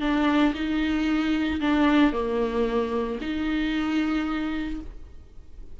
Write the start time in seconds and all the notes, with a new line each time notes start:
0.00 D4
0.54 D#4
1.60 D4
2.12 A#3
3.21 D#4